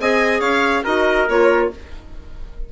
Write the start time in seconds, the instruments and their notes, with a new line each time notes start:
0.00 bassoon C4, clarinet G#4, trumpet D#5, violin G#5
0.40 bassoon C#4, trumpet C#5, violin F5
0.85 bassoon D#4, clarinet F#4, trumpet A#4, violin D#5
1.29 bassoon A#3, clarinet F4, violin C#5